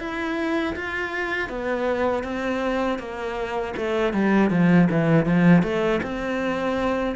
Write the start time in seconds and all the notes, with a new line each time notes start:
0.00 E4
0.76 F4
1.50 B3
2.24 C4
2.99 A#3
3.77 A3
4.13 G3
4.51 F3
4.91 E3
5.26 F3
5.63 A3
6.03 C4